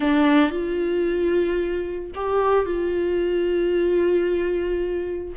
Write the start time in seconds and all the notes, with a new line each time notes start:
0.00 D4
0.50 F4
2.15 G4
2.65 F4